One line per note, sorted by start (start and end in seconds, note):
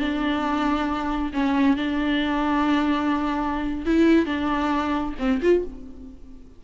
0.00 1.32 D4
1.34 1.77 C#4
1.77 3.86 D4
3.86 4.26 E4
4.26 5.14 D4
5.19 5.41 C4
5.42 5.65 F4